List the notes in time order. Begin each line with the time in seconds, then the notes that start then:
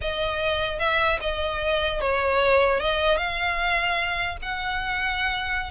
0.01 D#5
0.79 E5
1.20 D#5
2.01 C#5
2.79 D#5
3.17 F5
4.42 F#5